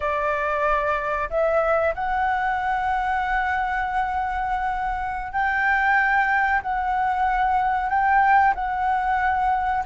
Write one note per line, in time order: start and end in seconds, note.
0.00 1.29 D5
1.29 1.94 E5
1.94 5.32 F#5
5.32 6.61 G5
6.62 7.89 F#5
7.89 8.54 G5
8.55 9.84 F#5